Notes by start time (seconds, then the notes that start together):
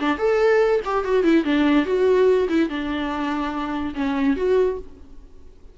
0.00 D4
0.18 A4
0.85 G4
1.05 F#4
1.24 E4
1.45 D4
1.86 F#4
2.49 E4
2.70 D4
3.95 C#4
4.37 F#4